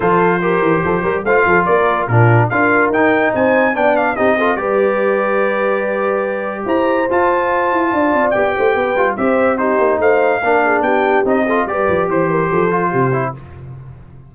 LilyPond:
<<
  \new Staff \with { instrumentName = "trumpet" } { \time 4/4 \tempo 4 = 144 c''2. f''4 | d''4 ais'4 f''4 g''4 | gis''4 g''8 f''8 dis''4 d''4~ | d''1 |
ais''4 a''2. | g''2 e''4 c''4 | f''2 g''4 dis''4 | d''4 c''2. | }
  \new Staff \with { instrumentName = "horn" } { \time 4/4 a'4 ais'4 a'8 ais'8 c''8 a'8 | ais'4 f'4 ais'2 | c''4 d''4 g'8 a'8 b'4~ | b'1 |
c''2. d''4~ | d''8 c''8 b'4 c''4 g'4 | c''4 ais'8 gis'8 g'4. a'8 | b'4 c''8 ais'8 a'4 g'4 | }
  \new Staff \with { instrumentName = "trombone" } { \time 4/4 f'4 g'2 f'4~ | f'4 d'4 f'4 dis'4~ | dis'4 d'4 dis'8 f'8 g'4~ | g'1~ |
g'4 f'2. | g'4. f'8 g'4 dis'4~ | dis'4 d'2 dis'8 f'8 | g'2~ g'8 f'4 e'8 | }
  \new Staff \with { instrumentName = "tuba" } { \time 4/4 f4. e8 f8 g8 a8 f8 | ais4 ais,4 d'4 dis'4 | c'4 b4 c'4 g4~ | g1 |
e'4 f'4. e'8 d'8 c'8 | b8 a8 b8 g8 c'4. ais8 | a4 ais4 b4 c'4 | g8 f8 e4 f4 c4 | }
>>